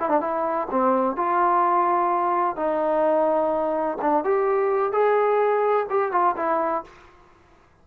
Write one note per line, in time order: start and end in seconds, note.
0.00 0.09 E4
0.09 0.21 D4
0.21 0.68 E4
0.71 1.16 C4
1.16 2.56 F4
2.56 3.98 D#4
4.02 4.25 D4
4.25 4.92 G4
4.92 5.87 G#4
5.90 6.12 G4
6.12 6.36 F4
6.37 6.84 E4